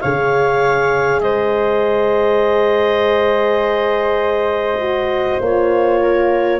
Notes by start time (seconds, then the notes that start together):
0.00 C#3 G#4 C#5 F5
1.20 G#3 C5 D#5
4.80 F#4
5.40 A#3 F4 C#5
6.00 A#4